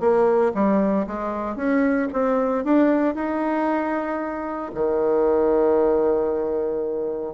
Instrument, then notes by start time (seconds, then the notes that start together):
bassoon
0.00 A#3
0.54 G3
1.06 G#3
1.56 C#4
2.12 C4
2.64 D4
3.15 D#4
4.74 D#3